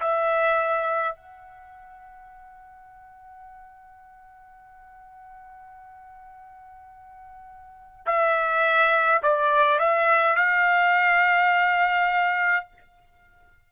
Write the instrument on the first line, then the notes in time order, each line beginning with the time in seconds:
trumpet
0.00 E5
1.15 F#5
8.06 E5
9.22 D5
9.79 E5
10.36 F5